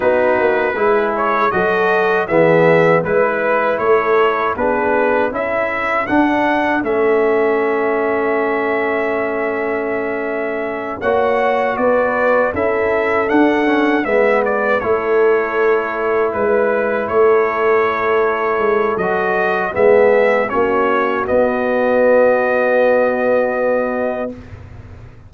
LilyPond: <<
  \new Staff \with { instrumentName = "trumpet" } { \time 4/4 \tempo 4 = 79 b'4. cis''8 dis''4 e''4 | b'4 cis''4 b'4 e''4 | fis''4 e''2.~ | e''2~ e''8 fis''4 d''8~ |
d''8 e''4 fis''4 e''8 d''8 cis''8~ | cis''4. b'4 cis''4.~ | cis''4 dis''4 e''4 cis''4 | dis''1 | }
  \new Staff \with { instrumentName = "horn" } { \time 4/4 fis'4 gis'4 a'4 gis'4 | b'4 a'4 gis'4 a'4~ | a'1~ | a'2~ a'8 cis''4 b'8~ |
b'8 a'2 b'4 a'8~ | a'4. b'4 a'4.~ | a'2 gis'4 fis'4~ | fis'1 | }
  \new Staff \with { instrumentName = "trombone" } { \time 4/4 dis'4 e'4 fis'4 b4 | e'2 d'4 e'4 | d'4 cis'2.~ | cis'2~ cis'8 fis'4.~ |
fis'8 e'4 d'8 cis'8 b4 e'8~ | e'1~ | e'4 fis'4 b4 cis'4 | b1 | }
  \new Staff \with { instrumentName = "tuba" } { \time 4/4 b8 ais8 gis4 fis4 e4 | gis4 a4 b4 cis'4 | d'4 a2.~ | a2~ a8 ais4 b8~ |
b8 cis'4 d'4 gis4 a8~ | a4. gis4 a4.~ | a8 gis8 fis4 gis4 ais4 | b1 | }
>>